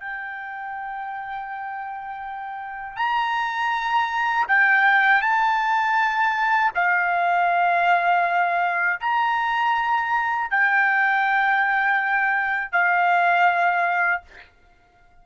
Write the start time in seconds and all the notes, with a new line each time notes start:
0.00 G5
2.97 A#5
4.48 G5
5.22 A5
6.75 F5
9.00 A#5
10.50 G5
12.72 F5